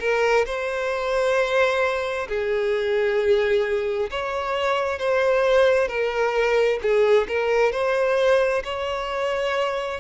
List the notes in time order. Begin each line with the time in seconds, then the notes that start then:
0.00 A#4
0.46 C5
2.29 G#4
4.10 C#5
4.99 C5
5.88 A#4
6.82 G#4
7.28 A#4
7.72 C5
8.64 C#5